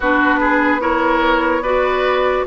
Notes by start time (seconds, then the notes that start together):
0.00 B3 D4 F#4 B4
0.40 G#4
0.80 E4 A#4 C#5
1.62 F#4 B4 D5